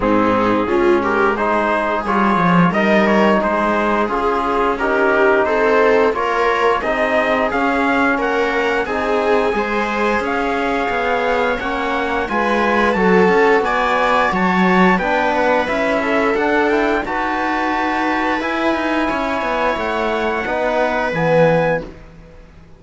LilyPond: <<
  \new Staff \with { instrumentName = "trumpet" } { \time 4/4 \tempo 4 = 88 gis'4. ais'8 c''4 cis''4 | dis''8 cis''8 c''4 gis'4 ais'4 | c''4 cis''4 dis''4 f''4 | fis''4 gis''2 f''4~ |
f''4 fis''4 gis''4 a''4 | gis''4 a''4 g''8 fis''8 e''4 | fis''8 g''8 a''2 gis''4~ | gis''4 fis''2 gis''4 | }
  \new Staff \with { instrumentName = "viola" } { \time 4/4 dis'4 f'8 g'8 gis'2 | ais'4 gis'2 g'4 | a'4 ais'4 gis'2 | ais'4 gis'4 c''4 cis''4~ |
cis''2 b'4 a'4 | d''4 cis''4 b'4. a'8~ | a'4 b'2. | cis''2 b'2 | }
  \new Staff \with { instrumentName = "trombone" } { \time 4/4 c'4 cis'4 dis'4 f'4 | dis'2 f'4 dis'4~ | dis'4 f'4 dis'4 cis'4~ | cis'4 dis'4 gis'2~ |
gis'4 cis'4 f'4 fis'4~ | fis'2 d'4 e'4 | d'8 e'8 fis'2 e'4~ | e'2 dis'4 b4 | }
  \new Staff \with { instrumentName = "cello" } { \time 4/4 gis,4 gis2 g8 f8 | g4 gis4 cis'2 | c'4 ais4 c'4 cis'4 | ais4 c'4 gis4 cis'4 |
b4 ais4 gis4 fis8 cis'8 | b4 fis4 b4 cis'4 | d'4 dis'2 e'8 dis'8 | cis'8 b8 a4 b4 e4 | }
>>